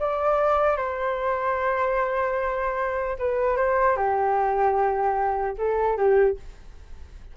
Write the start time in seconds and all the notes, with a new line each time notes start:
0.00 D5
0.77 C5
3.19 B4
3.57 C5
3.97 G4
5.58 A4
5.97 G4